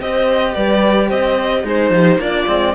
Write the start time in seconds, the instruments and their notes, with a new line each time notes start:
0.00 cello C4 G4, horn C5, violin D#5
0.55 cello G3, horn B4, violin D5
1.09 cello C4, horn C5, violin D#5
1.64 cello G#3 D#4, horn G#4, violin C5
1.90 cello F3, horn G4
2.17 cello A#3 D4, horn F4, violin D5
2.48 cello G#3 C4